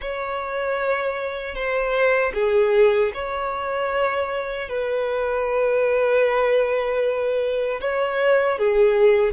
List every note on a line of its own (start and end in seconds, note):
0.01 1.54 C#5
1.54 2.32 C5
2.34 3.12 G#4
3.14 4.68 C#5
4.68 7.80 B4
7.81 8.58 C#5
8.58 9.33 G#4